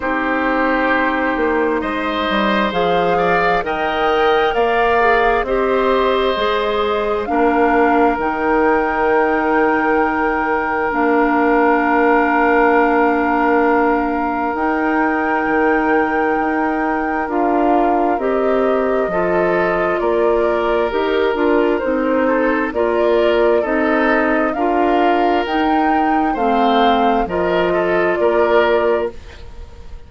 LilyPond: <<
  \new Staff \with { instrumentName = "flute" } { \time 4/4 \tempo 4 = 66 c''2 dis''4 f''4 | g''4 f''4 dis''2 | f''4 g''2. | f''1 |
g''2. f''4 | dis''2 d''4 ais'4 | c''4 d''4 dis''4 f''4 | g''4 f''4 dis''4 d''4 | }
  \new Staff \with { instrumentName = "oboe" } { \time 4/4 g'2 c''4. d''8 | dis''4 d''4 c''2 | ais'1~ | ais'1~ |
ais'1~ | ais'4 a'4 ais'2~ | ais'8 a'8 ais'4 a'4 ais'4~ | ais'4 c''4 ais'8 a'8 ais'4 | }
  \new Staff \with { instrumentName = "clarinet" } { \time 4/4 dis'2. gis'4 | ais'4. gis'8 g'4 gis'4 | d'4 dis'2. | d'1 |
dis'2. f'4 | g'4 f'2 g'8 f'8 | dis'4 f'4 dis'4 f'4 | dis'4 c'4 f'2 | }
  \new Staff \with { instrumentName = "bassoon" } { \time 4/4 c'4. ais8 gis8 g8 f4 | dis4 ais4 c'4 gis4 | ais4 dis2. | ais1 |
dis'4 dis4 dis'4 d'4 | c'4 f4 ais4 dis'8 d'8 | c'4 ais4 c'4 d'4 | dis'4 a4 f4 ais4 | }
>>